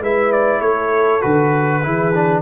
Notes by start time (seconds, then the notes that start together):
0.00 G#3 E4 B4 E5
0.32 D5
0.60 A3 A4 C#5
1.21 D3 F#4 B4
1.83 E3 E4 G#4
2.14 D4